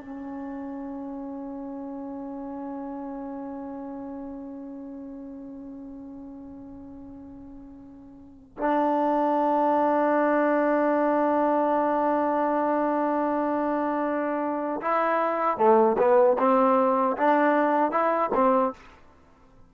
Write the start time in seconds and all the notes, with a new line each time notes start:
0.00 C#4
8.58 D4
14.82 E4
15.58 A3
15.98 B3
16.39 C4
17.17 D4
17.91 E4
18.35 C4